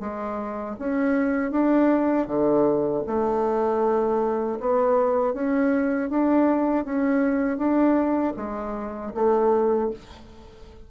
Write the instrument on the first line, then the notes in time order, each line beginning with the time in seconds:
bassoon
0.00 G#3
0.79 C#4
1.52 D4
2.28 D3
3.07 A3
4.60 B3
5.34 C#4
6.10 D4
6.85 C#4
7.58 D4
8.37 G#3
9.15 A3